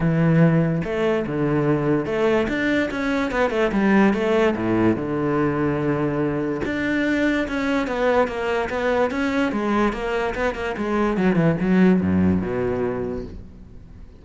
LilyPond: \new Staff \with { instrumentName = "cello" } { \time 4/4 \tempo 4 = 145 e2 a4 d4~ | d4 a4 d'4 cis'4 | b8 a8 g4 a4 a,4 | d1 |
d'2 cis'4 b4 | ais4 b4 cis'4 gis4 | ais4 b8 ais8 gis4 fis8 e8 | fis4 fis,4 b,2 | }